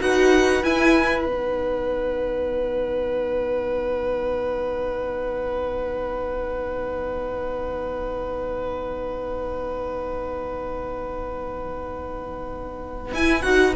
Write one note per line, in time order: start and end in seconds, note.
0.00 0.63 D#4
0.00 0.62 F#4
0.00 13.76 B4
0.00 0.64 F#5
0.63 1.26 E4
0.63 1.24 G#5
1.24 13.12 B3
1.24 13.13 D#4
1.24 13.12 F#5
13.12 13.43 E4
13.12 13.42 G#5
13.42 13.76 D#4
13.42 13.74 F#4
13.42 13.74 F#5